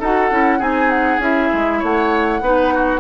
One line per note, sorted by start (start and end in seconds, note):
0.00 0.31 D#4
0.00 0.30 F#4
0.00 0.58 A4
0.00 0.63 F#5
0.30 0.61 C#4
0.30 0.59 E4
0.58 1.19 C4
0.58 1.20 D#4
0.58 1.79 G#4
0.58 0.90 G#5
0.90 1.20 F#5
1.19 1.49 C#4
1.19 2.42 E4
1.19 1.83 E5
1.53 1.82 G#3
1.79 2.41 A3
1.79 2.40 C#5
1.79 3.00 F#5
2.41 3.00 B3
2.41 3.00 D#4
2.41 2.74 B4
2.74 3.00 F#4